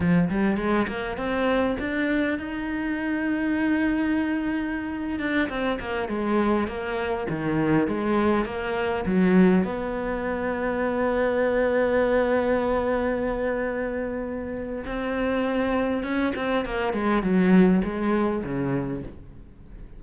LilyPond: \new Staff \with { instrumentName = "cello" } { \time 4/4 \tempo 4 = 101 f8 g8 gis8 ais8 c'4 d'4 | dis'1~ | dis'8. d'8 c'8 ais8 gis4 ais8.~ | ais16 dis4 gis4 ais4 fis8.~ |
fis16 b2.~ b8.~ | b1~ | b4 c'2 cis'8 c'8 | ais8 gis8 fis4 gis4 cis4 | }